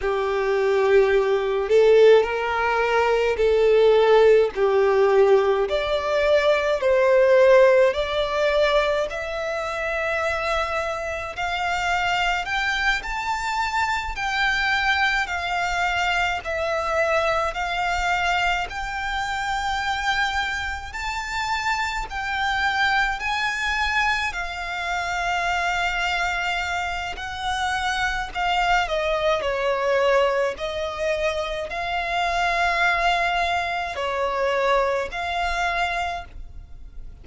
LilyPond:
\new Staff \with { instrumentName = "violin" } { \time 4/4 \tempo 4 = 53 g'4. a'8 ais'4 a'4 | g'4 d''4 c''4 d''4 | e''2 f''4 g''8 a''8~ | a''8 g''4 f''4 e''4 f''8~ |
f''8 g''2 a''4 g''8~ | g''8 gis''4 f''2~ f''8 | fis''4 f''8 dis''8 cis''4 dis''4 | f''2 cis''4 f''4 | }